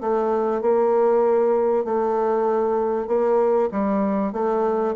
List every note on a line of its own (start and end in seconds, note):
0.00 0.61 A3
0.61 1.84 A#3
1.84 3.07 A3
3.07 3.69 A#3
3.71 4.32 G3
4.32 4.94 A3